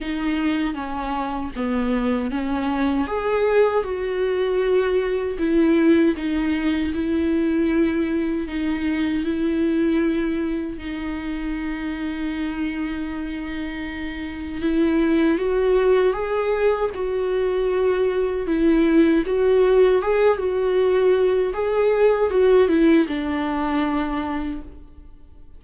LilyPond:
\new Staff \with { instrumentName = "viola" } { \time 4/4 \tempo 4 = 78 dis'4 cis'4 b4 cis'4 | gis'4 fis'2 e'4 | dis'4 e'2 dis'4 | e'2 dis'2~ |
dis'2. e'4 | fis'4 gis'4 fis'2 | e'4 fis'4 gis'8 fis'4. | gis'4 fis'8 e'8 d'2 | }